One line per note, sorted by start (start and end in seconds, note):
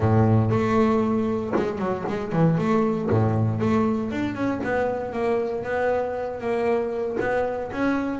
0.00 0.50 A2
0.50 1.53 A3
1.55 1.78 G#3
1.78 2.04 F#3
2.08 2.32 G#3
2.32 2.58 E3
2.58 3.09 A3
3.10 3.60 A2
3.60 4.11 A3
4.11 4.34 D4
4.34 4.60 C#4
4.63 5.12 B3
5.12 5.63 A#3
5.63 6.40 B3
6.40 7.17 A#3
7.19 7.71 B3
7.72 8.19 C#4